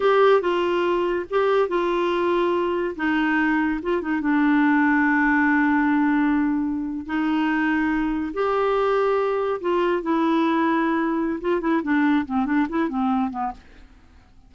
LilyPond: \new Staff \with { instrumentName = "clarinet" } { \time 4/4 \tempo 4 = 142 g'4 f'2 g'4 | f'2. dis'4~ | dis'4 f'8 dis'8 d'2~ | d'1~ |
d'8. dis'2. g'16~ | g'2~ g'8. f'4 e'16~ | e'2. f'8 e'8 | d'4 c'8 d'8 e'8 c'4 b8 | }